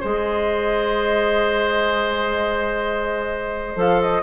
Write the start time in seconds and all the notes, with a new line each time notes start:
0.00 G#3 G#4 C5 D#5
3.76 F3 A4 F5
4.01 D#5